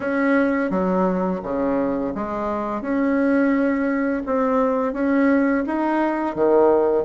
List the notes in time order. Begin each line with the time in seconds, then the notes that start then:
0.00 C#4
0.70 F#3
1.43 C#3
2.14 G#3
2.81 C#4
4.25 C4
4.93 C#4
5.66 D#4
6.35 D#3